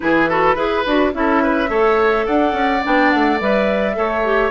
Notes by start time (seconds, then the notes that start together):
0.00 E3 E4 G#4 B4
0.29 F#4 A4
0.55 E4 G#4 B4
0.86 D4 F#4
1.13 C#4 E4 A4 E5
1.42 B4
1.68 A3 A4 C#5
2.26 D4 D5 F#5
2.52 C#4
2.83 B3 D4 G5
3.10 A3 F#5
3.40 G3 B4 E5
3.94 A3 A4 C#5
4.23 G4